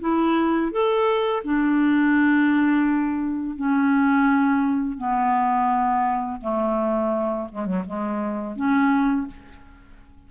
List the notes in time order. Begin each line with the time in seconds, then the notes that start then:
0.00 E4
0.71 A4
1.44 D4
3.56 C#4
4.97 B3
6.41 A3
7.51 G#3
7.65 F#3
7.86 G#3
8.56 C#4